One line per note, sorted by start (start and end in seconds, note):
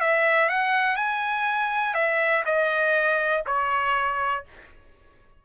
0.00 0.49 E5
0.49 0.96 F#5
0.96 1.94 G#5
1.94 2.43 E5
2.45 3.44 D#5
3.46 4.44 C#5